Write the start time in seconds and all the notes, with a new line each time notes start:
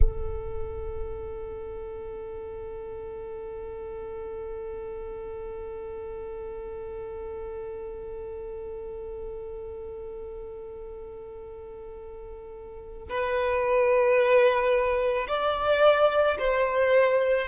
0.00 A4
13.09 B4
15.27 D5
16.38 C5